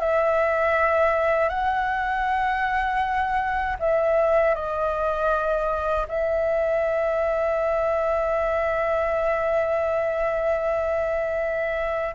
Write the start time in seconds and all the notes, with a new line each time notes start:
0.00 E5
1.49 F#5
3.80 E5
4.55 D#5
6.09 E5